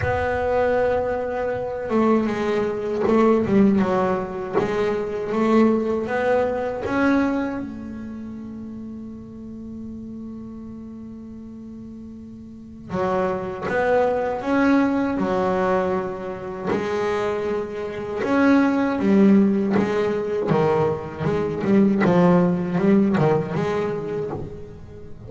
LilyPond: \new Staff \with { instrumentName = "double bass" } { \time 4/4 \tempo 4 = 79 b2~ b8 a8 gis4 | a8 g8 fis4 gis4 a4 | b4 cis'4 a2~ | a1~ |
a4 fis4 b4 cis'4 | fis2 gis2 | cis'4 g4 gis4 dis4 | gis8 g8 f4 g8 dis8 gis4 | }